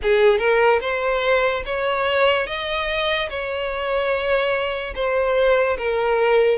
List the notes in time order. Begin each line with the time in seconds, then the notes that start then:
0.02 G#4
0.38 A#4
0.80 C5
1.65 C#5
2.47 D#5
3.29 C#5
4.95 C5
5.77 A#4